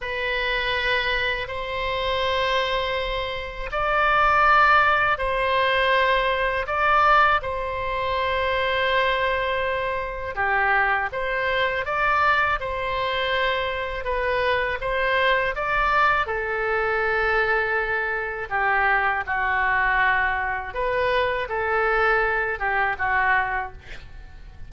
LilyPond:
\new Staff \with { instrumentName = "oboe" } { \time 4/4 \tempo 4 = 81 b'2 c''2~ | c''4 d''2 c''4~ | c''4 d''4 c''2~ | c''2 g'4 c''4 |
d''4 c''2 b'4 | c''4 d''4 a'2~ | a'4 g'4 fis'2 | b'4 a'4. g'8 fis'4 | }